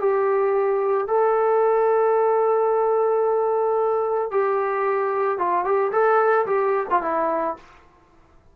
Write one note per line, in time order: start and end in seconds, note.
0.00 1.07 G4
1.07 4.31 A4
4.31 5.38 G4
5.38 5.65 F4
5.65 5.92 G4
5.92 6.46 A4
6.46 6.87 G4
6.90 7.02 F4
7.02 7.56 E4